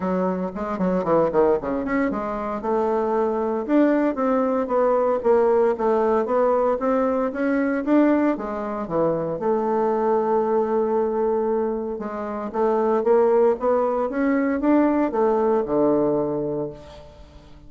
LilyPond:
\new Staff \with { instrumentName = "bassoon" } { \time 4/4 \tempo 4 = 115 fis4 gis8 fis8 e8 dis8 cis8 cis'8 | gis4 a2 d'4 | c'4 b4 ais4 a4 | b4 c'4 cis'4 d'4 |
gis4 e4 a2~ | a2. gis4 | a4 ais4 b4 cis'4 | d'4 a4 d2 | }